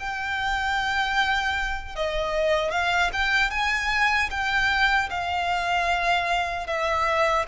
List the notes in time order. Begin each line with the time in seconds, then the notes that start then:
0.00 G5
1.96 D#5
2.72 F5
3.13 G5
3.51 G#5
4.31 G5
5.11 F5
6.67 E5